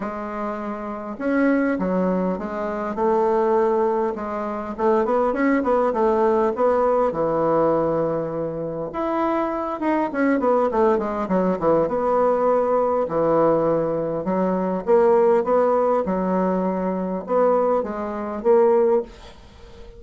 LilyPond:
\new Staff \with { instrumentName = "bassoon" } { \time 4/4 \tempo 4 = 101 gis2 cis'4 fis4 | gis4 a2 gis4 | a8 b8 cis'8 b8 a4 b4 | e2. e'4~ |
e'8 dis'8 cis'8 b8 a8 gis8 fis8 e8 | b2 e2 | fis4 ais4 b4 fis4~ | fis4 b4 gis4 ais4 | }